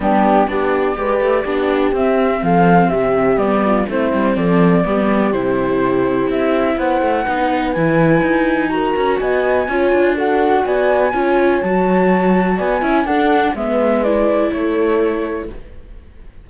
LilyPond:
<<
  \new Staff \with { instrumentName = "flute" } { \time 4/4 \tempo 4 = 124 g'4 d''2. | e''4 f''4 e''4 d''4 | c''4 d''2 c''4~ | c''4 e''4 fis''2 |
gis''2 ais''4 gis''4~ | gis''4 fis''4 gis''2 | a''2 gis''4 fis''4 | e''4 d''4 cis''2 | }
  \new Staff \with { instrumentName = "horn" } { \time 4/4 d'4 g'4 b'4 g'4~ | g'4 a'4 g'4. f'8 | e'4 a'4 g'2~ | g'2 c''4 b'4~ |
b'2 ais'4 dis''4 | cis''4 a'4 d''4 cis''4~ | cis''2 d''8 e''8 a'4 | b'2 a'2 | }
  \new Staff \with { instrumentName = "viola" } { \time 4/4 b4 d'4 g'4 d'4 | c'2. b4 | c'2 b4 e'4~ | e'2. dis'4 |
e'2 fis'2 | f'4 fis'2 f'4 | fis'2~ fis'8 e'8 d'4 | b4 e'2. | }
  \new Staff \with { instrumentName = "cello" } { \time 4/4 g4 b4 gis8 a8 b4 | c'4 f4 c4 g4 | a8 g8 f4 g4 c4~ | c4 c'4 b8 a8 b4 |
e4 dis'4. cis'8 b4 | cis'8 d'4. b4 cis'4 | fis2 b8 cis'8 d'4 | gis2 a2 | }
>>